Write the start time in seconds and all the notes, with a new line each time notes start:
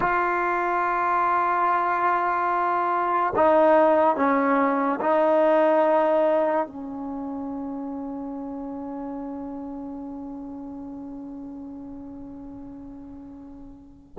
0.00 F4
3.35 D#4
4.16 C#4
5.00 D#4
6.67 C#4